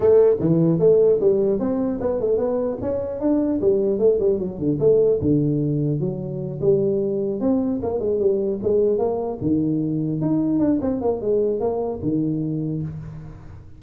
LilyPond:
\new Staff \with { instrumentName = "tuba" } { \time 4/4 \tempo 4 = 150 a4 e4 a4 g4 | c'4 b8 a8 b4 cis'4 | d'4 g4 a8 g8 fis8 d8 | a4 d2 fis4~ |
fis8 g2 c'4 ais8 | gis8 g4 gis4 ais4 dis8~ | dis4. dis'4 d'8 c'8 ais8 | gis4 ais4 dis2 | }